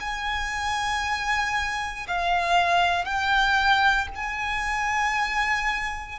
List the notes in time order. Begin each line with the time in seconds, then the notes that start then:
0.00 G#5
2.08 F5
3.05 G5
4.15 G#5